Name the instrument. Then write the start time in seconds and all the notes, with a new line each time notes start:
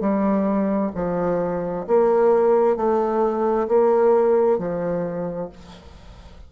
bassoon
0.00 G3
0.95 F3
1.87 A#3
2.76 A3
3.67 A#3
4.58 F3